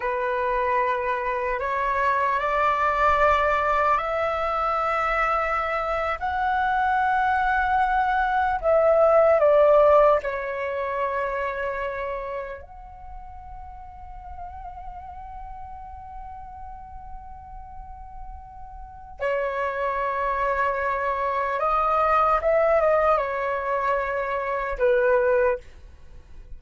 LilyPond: \new Staff \with { instrumentName = "flute" } { \time 4/4 \tempo 4 = 75 b'2 cis''4 d''4~ | d''4 e''2~ e''8. fis''16~ | fis''2~ fis''8. e''4 d''16~ | d''8. cis''2. fis''16~ |
fis''1~ | fis''1 | cis''2. dis''4 | e''8 dis''8 cis''2 b'4 | }